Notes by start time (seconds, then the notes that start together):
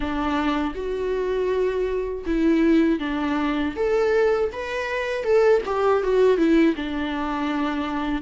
0.00 D4
0.75 F#4
2.25 E4
2.99 D4
3.75 A4
4.52 B4
5.24 A4
5.65 G4
6.03 F#4
6.37 E4
6.75 D4